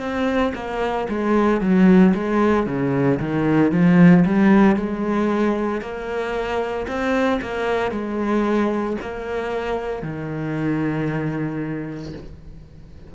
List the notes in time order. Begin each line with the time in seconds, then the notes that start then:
0.00 C4
0.55 A#3
1.09 G#3
1.61 F#3
2.14 G#3
2.67 C#3
3.20 D#3
3.72 F3
4.25 G3
4.76 G#3
5.81 A#3
6.88 C4
7.42 A#3
7.91 G#3
9.01 A#3
10.02 D#3